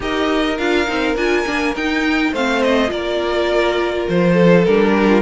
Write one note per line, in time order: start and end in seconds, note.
0.00 0.58 D#4
0.00 0.55 G4
0.00 2.32 A#4
0.00 0.57 D#5
0.57 0.87 D4
0.57 0.86 F4
0.57 1.16 F5
0.86 1.15 C4
0.86 1.16 D#4
1.15 1.44 D4
1.15 1.45 F4
1.15 1.75 G#5
1.45 1.75 A#3
1.45 1.74 D4
1.75 2.32 D#4
1.75 2.34 D#4
1.75 2.33 G5
2.32 2.90 A3
2.32 2.87 C4
2.32 2.90 C5
2.32 2.62 F5
2.62 2.90 D#5
2.87 4.07 A#3
2.87 4.62 F4
2.87 4.33 A#4
2.87 4.07 D5
4.08 4.67 F3
4.08 4.65 C5
4.33 4.91 A4
4.65 5.21 G3
4.65 5.21 D4
4.65 5.21 A#4
4.97 5.08 G4
5.08 5.21 F4